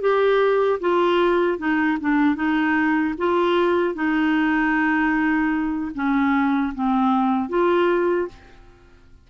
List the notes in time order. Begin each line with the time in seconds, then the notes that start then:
0.00 G4
0.80 F4
1.58 D#4
2.00 D4
2.35 D#4
3.18 F4
3.94 D#4
5.94 C#4
6.74 C4
7.49 F4